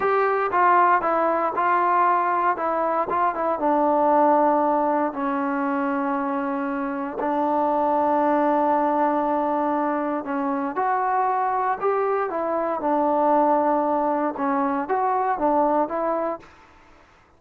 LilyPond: \new Staff \with { instrumentName = "trombone" } { \time 4/4 \tempo 4 = 117 g'4 f'4 e'4 f'4~ | f'4 e'4 f'8 e'8 d'4~ | d'2 cis'2~ | cis'2 d'2~ |
d'1 | cis'4 fis'2 g'4 | e'4 d'2. | cis'4 fis'4 d'4 e'4 | }